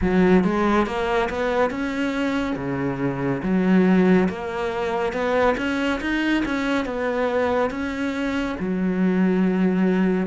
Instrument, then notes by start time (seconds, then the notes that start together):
cello
0.01 F#3
0.44 G#3
0.86 A#3
1.29 B3
1.70 C#4
2.56 C#3
3.42 F#3
4.29 A#3
5.12 B3
5.57 C#4
6.00 D#4
6.45 C#4
6.85 B3
7.70 C#4
8.59 F#3